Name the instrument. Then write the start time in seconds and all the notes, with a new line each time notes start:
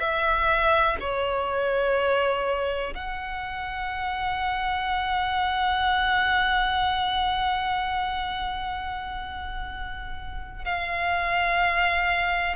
violin
0.00 E5
1.01 C#5
2.95 F#5
10.65 F5